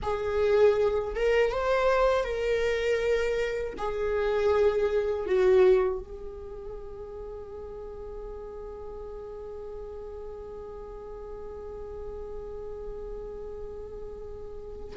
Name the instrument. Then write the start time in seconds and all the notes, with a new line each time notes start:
viola
0.02 G#4
1.15 A#4
1.52 C5
2.24 A#4
3.77 G#4
5.25 F#4
5.99 G#4